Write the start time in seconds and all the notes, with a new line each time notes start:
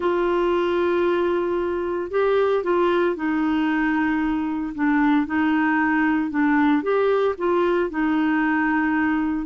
0.00 F4
2.11 G4
2.63 F4
3.15 D#4
4.74 D4
5.26 D#4
6.30 D4
6.82 G4
7.38 F4
7.89 D#4